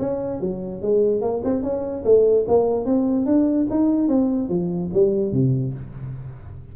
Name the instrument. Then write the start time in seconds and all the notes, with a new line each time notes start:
tuba
0.00 C#4
0.41 F#3
0.82 G#3
1.22 A#3
1.45 C4
1.63 C#4
2.05 A3
2.48 A#3
2.86 C4
3.26 D4
3.71 D#4
4.09 C4
4.50 F3
4.94 G3
5.33 C3